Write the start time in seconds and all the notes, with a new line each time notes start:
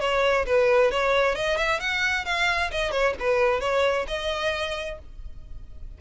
0.00 C#5
0.46 B4
0.91 C#5
1.35 D#5
1.57 E5
1.80 F#5
2.25 F5
2.71 D#5
2.91 C#5
3.20 B4
3.60 C#5
4.07 D#5